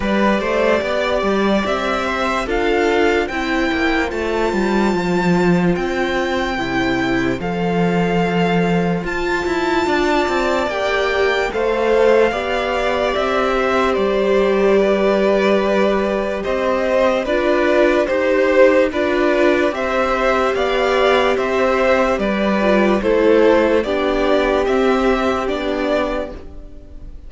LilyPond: <<
  \new Staff \with { instrumentName = "violin" } { \time 4/4 \tempo 4 = 73 d''2 e''4 f''4 | g''4 a''2 g''4~ | g''4 f''2 a''4~ | a''4 g''4 f''2 |
e''4 d''2. | dis''4 d''4 c''4 d''4 | e''4 f''4 e''4 d''4 | c''4 d''4 e''4 d''4 | }
  \new Staff \with { instrumentName = "violin" } { \time 4/4 b'8 c''8 d''4. c''8 a'4 | c''1~ | c''1 | d''2 c''4 d''4~ |
d''8 c''4. b'2 | c''4 b'4 c''4 b'4 | c''4 d''4 c''4 b'4 | a'4 g'2. | }
  \new Staff \with { instrumentName = "viola" } { \time 4/4 g'2. f'4 | e'4 f'2. | e'4 a'2 f'4~ | f'4 g'4 a'4 g'4~ |
g'1~ | g'4 f'4 g'4 f'4 | g'2.~ g'8 f'8 | e'4 d'4 c'4 d'4 | }
  \new Staff \with { instrumentName = "cello" } { \time 4/4 g8 a8 b8 g8 c'4 d'4 | c'8 ais8 a8 g8 f4 c'4 | c4 f2 f'8 e'8 | d'8 c'8 ais4 a4 b4 |
c'4 g2. | c'4 d'4 dis'4 d'4 | c'4 b4 c'4 g4 | a4 b4 c'4 b4 | }
>>